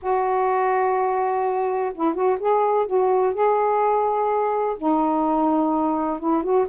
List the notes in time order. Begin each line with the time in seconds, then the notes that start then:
0.02 F#4
1.94 E4
2.14 F#4
2.39 G#4
2.86 F#4
3.33 G#4
4.77 D#4
6.19 E4
6.43 F#4